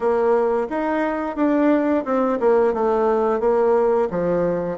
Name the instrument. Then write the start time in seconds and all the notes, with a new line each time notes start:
bassoon
0.00 A#3
0.69 D#4
1.36 D4
2.04 C4
2.40 A#3
2.73 A3
3.40 A#3
4.10 F3